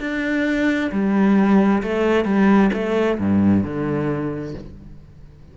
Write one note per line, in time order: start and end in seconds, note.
0.00 0.91 D4
0.92 1.83 G3
1.83 2.25 A3
2.25 2.71 G3
2.74 3.19 A3
3.19 3.64 G2
3.64 4.55 D3